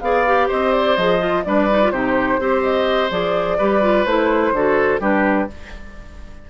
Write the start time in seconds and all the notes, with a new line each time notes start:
0.00 B3 G#4 D5 F5
0.26 G4
0.47 C4 C5 D#5
0.72 D5
0.96 F3 G#4 D#5
1.19 F4
1.44 G3 D4 B4 D5
1.69 D#4
1.82 F4
1.90 C3 D#4 G4 C5
2.39 C4 G4 C5
2.62 D#5
3.10 F3 G#4 D5
3.57 G3 G4 B4
3.81 F4
4.05 A3 E4 C5
4.51 D3 F#4 A4
4.99 G3 D4 G4 B4